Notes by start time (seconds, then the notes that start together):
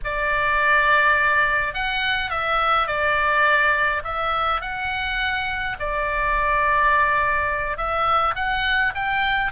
0.04 D5
1.74 F#5
2.30 E5
2.87 D5
4.04 E5
4.61 F#5
5.79 D5
7.77 E5
8.35 F#5
8.94 G5